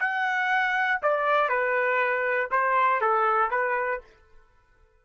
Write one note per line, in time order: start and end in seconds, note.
0.00 1.01 F#5
1.03 1.49 D5
1.49 2.50 B4
2.51 3.02 C5
3.02 3.51 A4
3.51 4.02 B4